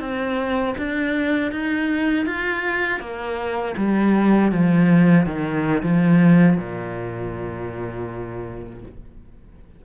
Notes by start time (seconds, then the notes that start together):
0.00 C4
0.78 D4
1.52 D#4
2.26 F4
3.00 A#3
3.77 G3
4.52 F3
5.26 D#3
5.83 F3
6.58 A#2